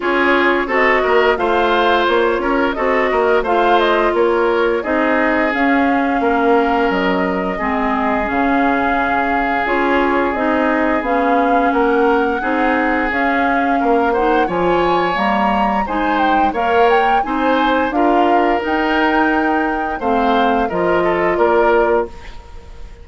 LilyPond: <<
  \new Staff \with { instrumentName = "flute" } { \time 4/4 \tempo 4 = 87 cis''4 dis''4 f''4 cis''4 | dis''4 f''8 dis''8 cis''4 dis''4 | f''2 dis''2 | f''2 cis''4 dis''4 |
f''4 fis''2 f''4~ | f''8 fis''8 gis''4 ais''4 gis''8 g''8 | f''8 g''8 gis''4 f''4 g''4~ | g''4 f''4 dis''4 d''4 | }
  \new Staff \with { instrumentName = "oboe" } { \time 4/4 gis'4 a'8 ais'8 c''4. ais'8 | a'8 ais'8 c''4 ais'4 gis'4~ | gis'4 ais'2 gis'4~ | gis'1~ |
gis'4 ais'4 gis'2 | ais'8 c''8 cis''2 c''4 | cis''4 c''4 ais'2~ | ais'4 c''4 ais'8 a'8 ais'4 | }
  \new Staff \with { instrumentName = "clarinet" } { \time 4/4 f'4 fis'4 f'2 | fis'4 f'2 dis'4 | cis'2. c'4 | cis'2 f'4 dis'4 |
cis'2 dis'4 cis'4~ | cis'8 dis'8 f'4 ais4 dis'4 | ais'4 dis'4 f'4 dis'4~ | dis'4 c'4 f'2 | }
  \new Staff \with { instrumentName = "bassoon" } { \time 4/4 cis'4 c'8 ais8 a4 ais8 cis'8 | c'8 ais8 a4 ais4 c'4 | cis'4 ais4 fis4 gis4 | cis2 cis'4 c'4 |
b4 ais4 c'4 cis'4 | ais4 f4 g4 gis4 | ais4 c'4 d'4 dis'4~ | dis'4 a4 f4 ais4 | }
>>